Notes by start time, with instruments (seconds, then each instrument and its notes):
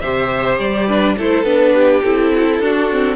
0.00 cello C3, viola G4, violin C5 E5
0.58 cello G3, violin D5
0.87 viola D4, violin B4
1.17 cello A3, viola E4, violin A4 C5
1.44 cello B3, viola D4, violin B4
1.74 violin G4
2.02 cello C4, viola E4, violin A4
2.34 violin F#4
2.46 violin E4
2.60 cello D4, viola D4, violin F#4
2.91 viola C4